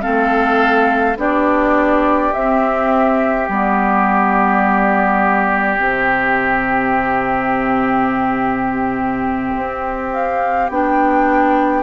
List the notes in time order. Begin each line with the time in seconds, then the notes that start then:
0.00 C4 A4 F5
0.07 A3
1.16 B3 D4 G4 D5
2.32 C4 E5
3.48 G3 B3 D5
5.77 C3 C4 E5
9.55 C4
10.12 F5
10.69 B3 D4 G5